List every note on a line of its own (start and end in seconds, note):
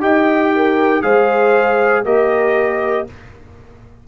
0.00 1.02 D#4
0.00 1.02 G4
0.00 0.54 D#5
0.00 1.02 G5
0.56 1.03 A#4
1.02 2.04 G#3
1.02 2.04 G#4
1.02 2.05 C5
1.02 2.03 F5
2.04 3.06 A#3
2.04 3.06 G4
2.04 3.07 A#4
2.04 3.07 D#5